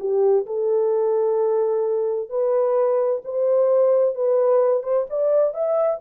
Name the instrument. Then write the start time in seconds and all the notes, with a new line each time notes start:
horn
0.00 G4
0.47 A4
2.30 B4
3.25 C5
4.15 B4
4.83 C5
5.10 D5
5.54 E5